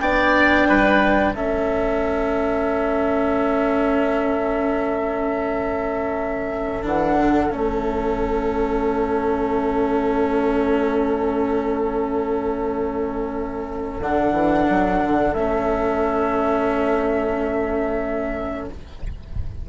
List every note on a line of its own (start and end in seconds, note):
0.00 0.67 B3
0.00 1.35 D4
0.00 0.68 D5
0.00 1.33 G5
0.68 1.34 G3
0.68 1.35 B4
1.34 6.84 A3
1.34 6.82 C#4
1.34 18.68 A4
1.34 6.85 E5
6.82 7.17 E3
6.82 7.49 D4
6.82 7.52 F#5
7.18 7.51 D3
7.51 14.00 A3
7.51 14.01 C#4
7.51 14.01 E5
14.00 14.32 D3
14.00 15.36 D4
14.00 15.34 F#5
14.32 14.65 E3
14.70 15.03 F#3
15.03 15.34 D3
15.34 18.67 A3
15.34 18.69 C#4
15.34 18.67 E5